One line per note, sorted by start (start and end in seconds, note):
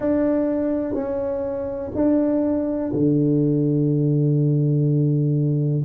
0.00 0.94 D4
0.94 1.90 C#4
1.94 2.91 D4
2.93 5.83 D3